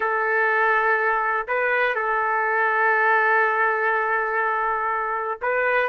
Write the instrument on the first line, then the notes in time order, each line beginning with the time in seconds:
trumpet
0.00 A4
1.47 B4
1.95 A4
5.41 B4